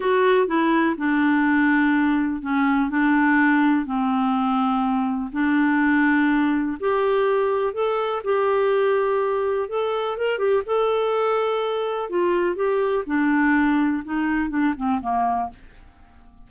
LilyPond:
\new Staff \with { instrumentName = "clarinet" } { \time 4/4 \tempo 4 = 124 fis'4 e'4 d'2~ | d'4 cis'4 d'2 | c'2. d'4~ | d'2 g'2 |
a'4 g'2. | a'4 ais'8 g'8 a'2~ | a'4 f'4 g'4 d'4~ | d'4 dis'4 d'8 c'8 ais4 | }